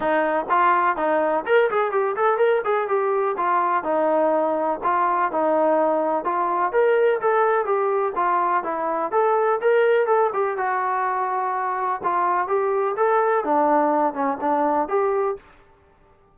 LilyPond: \new Staff \with { instrumentName = "trombone" } { \time 4/4 \tempo 4 = 125 dis'4 f'4 dis'4 ais'8 gis'8 | g'8 a'8 ais'8 gis'8 g'4 f'4 | dis'2 f'4 dis'4~ | dis'4 f'4 ais'4 a'4 |
g'4 f'4 e'4 a'4 | ais'4 a'8 g'8 fis'2~ | fis'4 f'4 g'4 a'4 | d'4. cis'8 d'4 g'4 | }